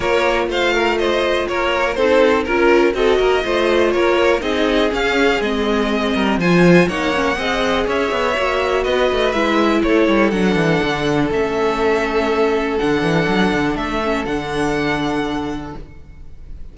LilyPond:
<<
  \new Staff \with { instrumentName = "violin" } { \time 4/4 \tempo 4 = 122 cis''4 f''4 dis''4 cis''4 | c''4 ais'4 dis''2 | cis''4 dis''4 f''4 dis''4~ | dis''4 gis''4 fis''2 |
e''2 dis''4 e''4 | cis''4 fis''2 e''4~ | e''2 fis''2 | e''4 fis''2. | }
  \new Staff \with { instrumentName = "violin" } { \time 4/4 ais'4 c''8 ais'8 c''4 ais'4 | a'4 ais'4 a'8 ais'8 c''4 | ais'4 gis'2.~ | gis'8 ais'8 c''4 cis''4 dis''4 |
cis''2 b'2 | a'1~ | a'1~ | a'1 | }
  \new Staff \with { instrumentName = "viola" } { \time 4/4 f'1 | dis'4 f'4 fis'4 f'4~ | f'4 dis'4 cis'4 c'4~ | c'4 f'4 dis'8 cis'8 gis'4~ |
gis'4 fis'2 e'4~ | e'4 d'2 cis'4~ | cis'2 d'2~ | d'8 cis'8 d'2. | }
  \new Staff \with { instrumentName = "cello" } { \time 4/4 ais4 a2 ais4 | c'4 cis'4 c'8 ais8 a4 | ais4 c'4 cis'4 gis4~ | gis8 g8 f4 ais4 c'4 |
cis'8 b8 ais4 b8 a8 gis4 | a8 g8 fis8 e8 d4 a4~ | a2 d8 e8 fis8 d8 | a4 d2. | }
>>